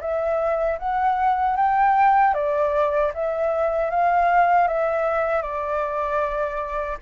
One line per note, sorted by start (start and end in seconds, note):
0.00 0.78 E5
0.79 1.56 F#5
1.56 2.34 G5
2.34 3.12 D5
3.14 3.90 E5
3.90 4.67 F5
4.67 5.42 E5
5.42 6.97 D5